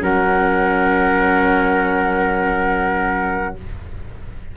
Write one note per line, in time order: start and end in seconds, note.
0.00 3.54 F#3
0.00 3.53 C#4
0.00 3.56 A#4
0.00 3.56 F#5